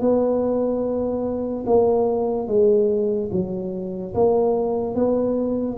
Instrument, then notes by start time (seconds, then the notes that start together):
tuba
0.00 B3
1.66 A#3
2.47 G#3
3.31 F#3
4.14 A#3
4.95 B3